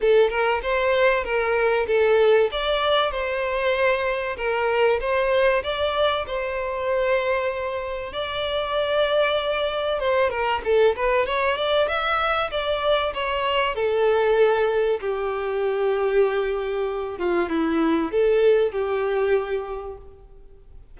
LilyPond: \new Staff \with { instrumentName = "violin" } { \time 4/4 \tempo 4 = 96 a'8 ais'8 c''4 ais'4 a'4 | d''4 c''2 ais'4 | c''4 d''4 c''2~ | c''4 d''2. |
c''8 ais'8 a'8 b'8 cis''8 d''8 e''4 | d''4 cis''4 a'2 | g'2.~ g'8 f'8 | e'4 a'4 g'2 | }